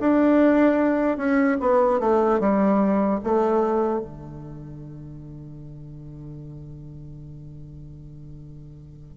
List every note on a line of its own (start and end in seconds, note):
0.00 1.17 D4
1.17 1.57 C#4
1.60 2.00 B3
2.00 2.40 A3
2.40 3.20 G3
3.24 4.00 A3
4.00 9.17 D3